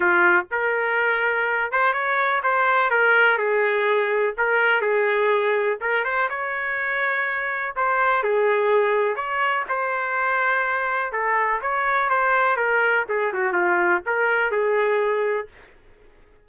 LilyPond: \new Staff \with { instrumentName = "trumpet" } { \time 4/4 \tempo 4 = 124 f'4 ais'2~ ais'8 c''8 | cis''4 c''4 ais'4 gis'4~ | gis'4 ais'4 gis'2 | ais'8 c''8 cis''2. |
c''4 gis'2 cis''4 | c''2. a'4 | cis''4 c''4 ais'4 gis'8 fis'8 | f'4 ais'4 gis'2 | }